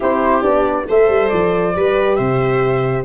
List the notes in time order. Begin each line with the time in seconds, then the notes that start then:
0.00 C4 E4 G4 C5
0.42 B3 D4 D5
0.88 A3 A4 C5 E5
1.08 G3
1.28 F3 D5
1.75 G3 G4 B4
2.15 C3 C5 E5